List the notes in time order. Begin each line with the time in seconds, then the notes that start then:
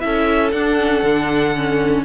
0.00 C#4 E4 A4 E5
0.51 D4 F#5
0.59 D4
0.79 C#4
1.03 D3 D4
1.55 C#4